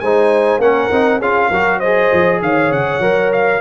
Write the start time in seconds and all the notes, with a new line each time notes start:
0.00 G#3 D#4 C5 G#5
0.59 A#3 C#4 A#4 F#5
0.91 C4 D#4
1.20 C#4 F4 G#4 F5
1.50 F#3 F#4 A#4
1.79 G#4 C5 D#5
2.13 F3
2.42 D#3 C#5 F5
2.71 C#3 F#5
3.00 F#3 A#4
3.33 F5